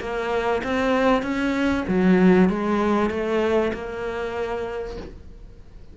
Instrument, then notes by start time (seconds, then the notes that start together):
cello
0.00 A#3
0.64 C4
1.23 C#4
1.88 F#3
2.49 G#3
3.10 A3
3.73 A#3